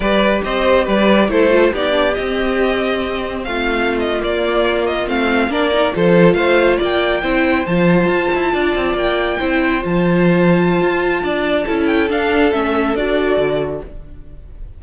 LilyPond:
<<
  \new Staff \with { instrumentName = "violin" } { \time 4/4 \tempo 4 = 139 d''4 dis''4 d''4 c''4 | d''4 dis''2. | f''4~ f''16 dis''8 d''4. dis''8 f''16~ | f''8. d''4 c''4 f''4 g''16~ |
g''4.~ g''16 a''2~ a''16~ | a''8. g''2 a''4~ a''16~ | a''2.~ a''8 g''8 | f''4 e''4 d''2 | }
  \new Staff \with { instrumentName = "violin" } { \time 4/4 b'4 c''4 b'4 a'4 | g'1 | f'1~ | f'8. ais'4 a'4 c''4 d''16~ |
d''8. c''2. d''16~ | d''4.~ d''16 c''2~ c''16~ | c''2 d''4 a'4~ | a'1 | }
  \new Staff \with { instrumentName = "viola" } { \time 4/4 g'2. e'8 f'8 | dis'8 d'8 c'2.~ | c'4.~ c'16 ais2 c'16~ | c'8. d'8 dis'8 f'2~ f'16~ |
f'8. e'4 f'2~ f'16~ | f'4.~ f'16 e'4 f'4~ f'16~ | f'2. e'4 | d'4 cis'4 fis'2 | }
  \new Staff \with { instrumentName = "cello" } { \time 4/4 g4 c'4 g4 a4 | b4 c'2. | a4.~ a16 ais2 a16~ | a8. ais4 f4 a4 ais16~ |
ais8. c'4 f4 f'8 e'8 d'16~ | d'16 c'8 ais4 c'4 f4~ f16~ | f4 f'4 d'4 cis'4 | d'4 a4 d'4 d4 | }
>>